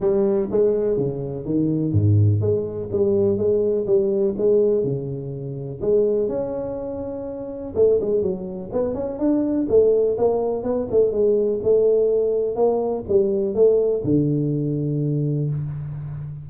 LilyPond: \new Staff \with { instrumentName = "tuba" } { \time 4/4 \tempo 4 = 124 g4 gis4 cis4 dis4 | gis,4 gis4 g4 gis4 | g4 gis4 cis2 | gis4 cis'2. |
a8 gis8 fis4 b8 cis'8 d'4 | a4 ais4 b8 a8 gis4 | a2 ais4 g4 | a4 d2. | }